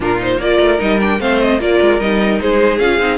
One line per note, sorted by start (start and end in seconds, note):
0.00 0.37 A#2
0.00 0.18 D4
0.00 0.40 F4
0.00 0.21 A#4
0.18 0.38 D#4
0.18 0.41 C5
0.37 0.57 A#3
0.37 0.78 F4
0.37 1.21 A#4
0.37 0.80 D5
0.60 0.80 A3
0.78 1.19 G3
0.78 0.98 D#4
0.78 1.00 D#5
1.01 1.19 D4
1.01 1.21 G5
1.19 1.59 A3
1.19 1.59 C4
1.19 1.61 C5
1.19 1.41 F5
1.41 1.61 D#5
1.59 1.79 A#3
1.59 1.99 F4
1.59 2.41 A#4
1.59 2.00 D5
1.81 2.00 G#3
1.99 2.40 G3
1.99 2.79 D#4
1.99 2.40 D#5
2.40 2.79 G#3
2.40 3.18 G#4
2.40 2.79 C5
2.79 2.99 C#4
2.79 2.99 F4
2.79 3.18 F5
2.99 3.18 C4
2.99 3.18 D#4